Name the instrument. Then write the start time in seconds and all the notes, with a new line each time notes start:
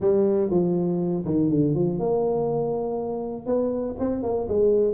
tuba
0.00 G3
0.50 F3
1.25 D#3
1.50 D3
1.74 F3
1.99 A#3
3.46 B3
3.99 C4
4.22 A#3
4.48 G#3